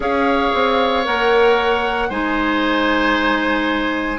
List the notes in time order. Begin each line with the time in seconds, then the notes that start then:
0.00 C#4 G#4 C#5 F5
0.54 C4
1.04 A#3 A#4 F#5
2.09 G#3 D#4 C5 G#5